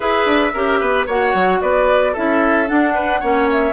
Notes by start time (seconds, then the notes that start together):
0.00 E4 G#4 B4 E5
0.25 D4
0.53 C#4 G4 A#4
0.79 B3 B4
1.06 A#3 F#4 C#5 F#5
1.33 F#3
1.61 B3 B4 D5
2.12 C#4 E4 A4 E5
2.66 D4 F#5
2.94 B4
3.20 A#3 C#4 C#5
3.51 E5